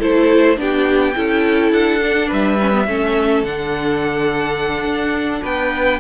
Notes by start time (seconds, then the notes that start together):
0.00 A3 E4 A4 C5
0.57 B3 D4 G4 G5
1.15 C#4 E4 A4
1.72 D4 F#5
2.01 D4
2.28 G3 B4 E5
2.61 C#4
2.72 B3
2.88 A3 C#4 A4
3.44 D3 D4 F#5
4.85 D4
5.43 B3 B4 G5